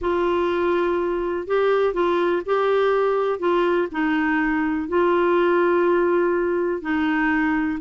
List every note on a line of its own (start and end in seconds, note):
0.01 1.47 F4
1.47 1.93 G4
1.93 2.42 F4
2.45 3.39 G4
3.39 3.88 F4
3.91 4.88 D#4
4.88 6.81 F4
6.81 7.79 D#4